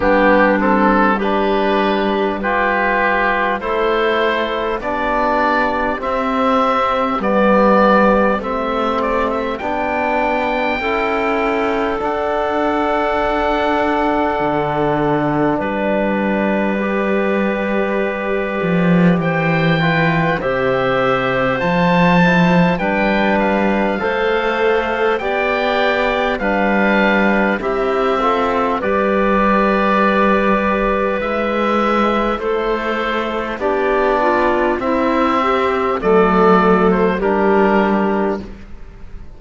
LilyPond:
<<
  \new Staff \with { instrumentName = "oboe" } { \time 4/4 \tempo 4 = 50 g'8 a'8 b'4 g'4 c''4 | d''4 e''4 d''4 e''8 d''16 e''16 | g''2 fis''2~ | fis''4 d''2. |
g''4 e''4 a''4 g''8 f''8~ | f''4 g''4 f''4 e''4 | d''2 e''4 c''4 | d''4 e''4 d''8. c''16 ais'4 | }
  \new Staff \with { instrumentName = "clarinet" } { \time 4/4 d'4 g'4 b'4 a'4 | g'1~ | g'4 a'2.~ | a'4 b'2. |
c''8 b'8 c''2 b'4 | c''4 d''4 b'4 g'8 a'8 | b'2. a'4 | g'8 f'8 e'8 g'8 a'4 g'4 | }
  \new Staff \with { instrumentName = "trombone" } { \time 4/4 b8 c'8 d'4 f'4 e'4 | d'4 c'4 b4 c'4 | d'4 e'4 d'2~ | d'2 g'2~ |
g'8 f'8 g'4 f'8 e'8 d'4 | a'4 g'4 d'4 e'8 f'8 | g'2 e'2 | d'4 c'4 a4 d'4 | }
  \new Staff \with { instrumentName = "cello" } { \time 4/4 g2. a4 | b4 c'4 g4 a4 | b4 cis'4 d'2 | d4 g2~ g8 f8 |
e4 c4 f4 g4 | a4 b4 g4 c'4 | g2 gis4 a4 | b4 c'4 fis4 g4 | }
>>